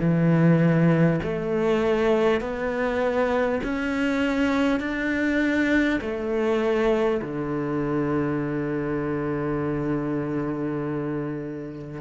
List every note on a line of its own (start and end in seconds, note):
0.00 1.20 E3
1.23 2.41 A3
2.41 3.61 B3
3.64 4.80 C#4
4.80 6.00 D4
6.02 7.22 A3
7.22 12.01 D3